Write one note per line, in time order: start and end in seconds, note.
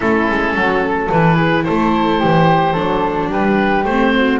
0.00 0.28 A3
0.00 1.10 C#4
0.00 0.54 E4
0.00 1.10 A4
0.29 0.55 G#3
0.55 1.10 F#3
0.55 0.83 F#4
0.85 1.35 A4
1.11 1.67 E3
1.11 2.74 E4
1.11 1.64 B4
1.35 1.62 G#4
1.64 2.23 A3
1.64 2.19 A4
1.64 3.29 C5
2.19 2.77 E3
2.19 2.73 G4
2.73 3.31 F#3
2.73 3.84 D4
2.73 3.28 A4
3.30 3.84 G3
3.30 4.12 G4
3.30 3.84 B4
3.84 4.39 A3
3.84 4.39 C5
3.90 4.40 C4
4.15 4.40 F#4